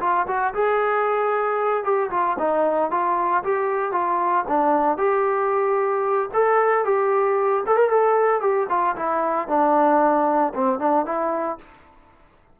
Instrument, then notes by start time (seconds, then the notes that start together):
trombone
0.00 F4
0.27 F#4
0.54 G#4
1.84 G4
2.11 F4
2.39 D#4
2.91 F4
3.44 G4
3.92 F4
4.48 D4
4.98 G4
6.33 A4
6.85 G4
7.67 A4
7.76 A#4
7.90 A4
8.41 G4
8.69 F4
8.96 E4
9.48 D4
10.54 C4
10.79 D4
11.06 E4